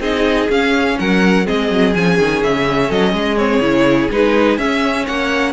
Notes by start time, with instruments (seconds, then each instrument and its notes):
0.00 cello C4, viola D#4, violin G#4 D#5
0.49 cello C#4, viola C#4, violin F5
0.99 cello F#3, violin A#4 F#5
1.45 cello G#3, viola C4, violin G#4 D#5
1.71 cello F#3
1.94 cello F3, viola C#4, violin G#5
2.19 cello D#3
2.43 cello C#3, violin E5
2.88 cello F#3, violin A4 D#5
3.13 cello G#3, violin G#4
3.37 viola C4, violin C#5
3.60 cello C#3, viola E4
4.11 cello G#3, viola D#4, violin B4
4.58 cello C#4, viola C#4, violin E5
5.05 cello A#3, violin C#5 F#5